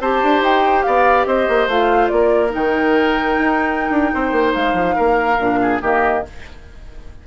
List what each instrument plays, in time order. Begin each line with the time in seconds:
0.00 bassoon C4, clarinet G4, oboe C5, flute A5
0.23 bassoon D4
0.41 bassoon D#4, flute G5
0.83 bassoon B3, oboe D5, flute F5
1.25 bassoon C4, oboe C5, flute D#5
1.48 bassoon A#3
1.67 bassoon A3, clarinet F4, flute F5
2.08 bassoon A#3, flute D5
2.14 oboe A#4
2.49 bassoon D#3, clarinet D#4, flute G5
3.38 bassoon D#4
3.90 bassoon D4
4.14 bassoon C4, oboe C5
4.32 bassoon A#3
4.53 bassoon G#3, flute F5
4.73 bassoon F3
4.95 bassoon A#3, oboe A#4
5.38 bassoon A#2, clarinet D4
5.62 oboe G#4
5.82 bassoon D#3, clarinet A#3, oboe G4, flute D#5